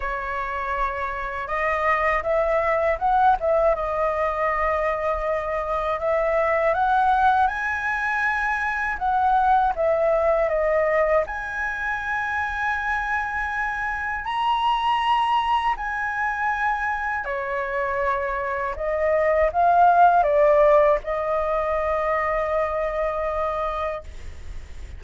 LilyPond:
\new Staff \with { instrumentName = "flute" } { \time 4/4 \tempo 4 = 80 cis''2 dis''4 e''4 | fis''8 e''8 dis''2. | e''4 fis''4 gis''2 | fis''4 e''4 dis''4 gis''4~ |
gis''2. ais''4~ | ais''4 gis''2 cis''4~ | cis''4 dis''4 f''4 d''4 | dis''1 | }